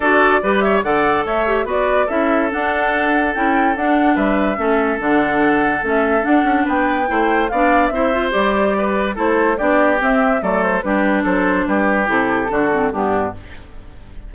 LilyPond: <<
  \new Staff \with { instrumentName = "flute" } { \time 4/4 \tempo 4 = 144 d''4. e''8 fis''4 e''4 | d''4 e''4 fis''2 | g''4 fis''4 e''2 | fis''2 e''4 fis''4 |
g''2 f''4 e''4 | d''2 c''4 d''4 | e''4 d''8 c''8 b'4 c''4 | b'4 a'2 g'4 | }
  \new Staff \with { instrumentName = "oboe" } { \time 4/4 a'4 b'8 cis''8 d''4 cis''4 | b'4 a'2.~ | a'2 b'4 a'4~ | a'1 |
b'4 c''4 d''4 c''4~ | c''4 b'4 a'4 g'4~ | g'4 a'4 g'4 a'4 | g'2 fis'4 d'4 | }
  \new Staff \with { instrumentName = "clarinet" } { \time 4/4 fis'4 g'4 a'4. g'8 | fis'4 e'4 d'2 | e'4 d'2 cis'4 | d'2 cis'4 d'4~ |
d'4 e'4 d'4 e'8 f'8 | g'2 e'4 d'4 | c'4 a4 d'2~ | d'4 e'4 d'8 c'8 b4 | }
  \new Staff \with { instrumentName = "bassoon" } { \time 4/4 d'4 g4 d4 a4 | b4 cis'4 d'2 | cis'4 d'4 g4 a4 | d2 a4 d'8 cis'8 |
b4 a4 b4 c'4 | g2 a4 b4 | c'4 fis4 g4 fis4 | g4 c4 d4 g,4 | }
>>